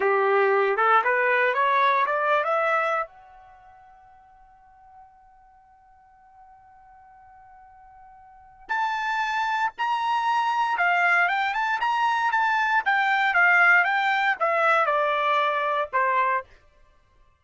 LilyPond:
\new Staff \with { instrumentName = "trumpet" } { \time 4/4 \tempo 4 = 117 g'4. a'8 b'4 cis''4 | d''8. e''4~ e''16 fis''2~ | fis''1~ | fis''1~ |
fis''4 a''2 ais''4~ | ais''4 f''4 g''8 a''8 ais''4 | a''4 g''4 f''4 g''4 | e''4 d''2 c''4 | }